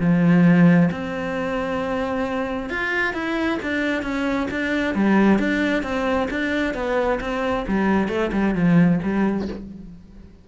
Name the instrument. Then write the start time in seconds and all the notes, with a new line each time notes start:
cello
0.00 F3
0.92 C4
2.70 F4
3.14 E4
3.63 D4
4.03 C#4
4.51 D4
4.95 G3
5.40 D4
5.83 C4
6.31 D4
6.74 B3
7.21 C4
7.68 G3
8.09 A3
8.33 G3
8.55 F3
9.03 G3